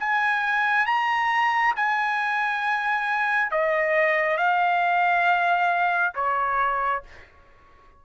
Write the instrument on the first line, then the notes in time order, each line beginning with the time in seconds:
trumpet
0.00 G#5
0.87 A#5
1.76 G#5
3.52 D#5
4.37 F5
6.15 C#5